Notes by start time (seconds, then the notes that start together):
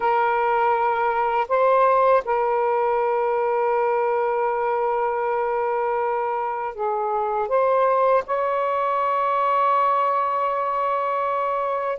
0.00 A#4
1.48 C5
2.24 A#4
6.75 G#4
7.48 C5
8.26 C#5